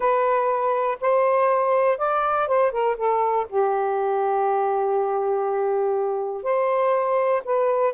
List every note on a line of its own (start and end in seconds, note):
0.00 0.97 B4
1.00 1.98 C5
1.98 2.47 D5
2.47 2.71 C5
2.71 2.96 A#4
2.97 3.46 A4
3.49 6.43 G4
6.43 7.42 C5
7.44 7.94 B4